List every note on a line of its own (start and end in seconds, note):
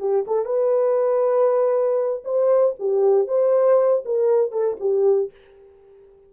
0.00 0.25 G4
0.28 0.46 A4
0.46 2.23 B4
2.25 2.76 C5
2.80 3.28 G4
3.28 4.04 C5
4.05 4.52 A#4
4.52 4.77 A4
4.80 5.31 G4